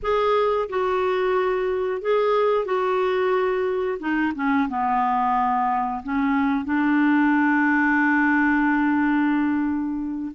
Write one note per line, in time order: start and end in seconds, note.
0.02 0.68 G#4
0.68 2.01 F#4
2.01 2.65 G#4
2.65 3.98 F#4
3.99 4.32 D#4
4.35 4.68 C#4
4.68 6.02 B3
6.03 6.65 C#4
6.65 10.31 D4